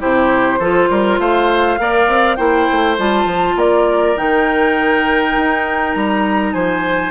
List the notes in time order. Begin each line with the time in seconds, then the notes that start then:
0.00 C3 E4 G4 C5
0.60 F3 F4 A4
0.90 G3 A#4
1.19 A3 C5 F5
1.79 A#3 A#4 D5
2.09 C4
2.36 A#3 E4 C5 G5
2.72 A3
2.99 G3 F4 A5
3.26 F3
3.56 A#3 A#4 D5
4.16 D#3 D#4 G5
5.37 D#4
5.94 G3 A#5
6.54 F3 C5 G#5